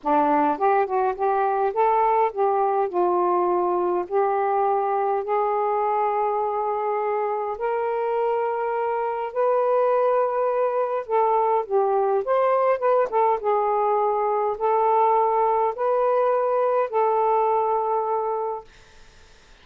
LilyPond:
\new Staff \with { instrumentName = "saxophone" } { \time 4/4 \tempo 4 = 103 d'4 g'8 fis'8 g'4 a'4 | g'4 f'2 g'4~ | g'4 gis'2.~ | gis'4 ais'2. |
b'2. a'4 | g'4 c''4 b'8 a'8 gis'4~ | gis'4 a'2 b'4~ | b'4 a'2. | }